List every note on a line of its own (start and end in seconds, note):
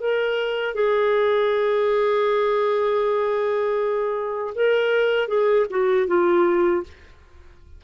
0.00 0.74 A#4
0.74 4.54 G#4
4.54 5.28 A#4
5.28 5.66 G#4
5.70 6.07 F#4
6.07 6.83 F4